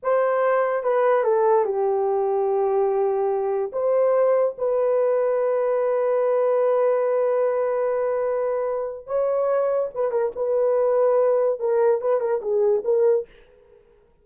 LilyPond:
\new Staff \with { instrumentName = "horn" } { \time 4/4 \tempo 4 = 145 c''2 b'4 a'4 | g'1~ | g'4 c''2 b'4~ | b'1~ |
b'1~ | b'2 cis''2 | b'8 ais'8 b'2. | ais'4 b'8 ais'8 gis'4 ais'4 | }